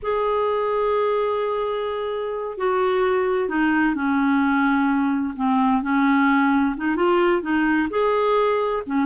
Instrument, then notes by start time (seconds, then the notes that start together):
clarinet
0.02 G#4
2.57 F#4
3.49 D#4
3.95 C#4
5.36 C4
5.82 C#4
6.76 D#4
6.96 F4
7.42 D#4
7.89 G#4
8.86 C#4